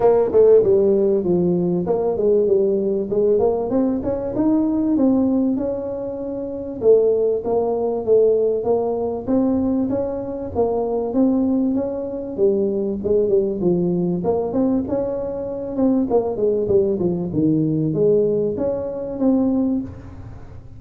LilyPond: \new Staff \with { instrumentName = "tuba" } { \time 4/4 \tempo 4 = 97 ais8 a8 g4 f4 ais8 gis8 | g4 gis8 ais8 c'8 cis'8 dis'4 | c'4 cis'2 a4 | ais4 a4 ais4 c'4 |
cis'4 ais4 c'4 cis'4 | g4 gis8 g8 f4 ais8 c'8 | cis'4. c'8 ais8 gis8 g8 f8 | dis4 gis4 cis'4 c'4 | }